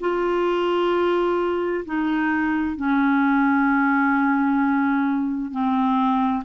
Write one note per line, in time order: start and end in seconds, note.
0.00 1.85 F4
1.85 2.77 D#4
2.77 5.51 C#4
5.51 6.44 C4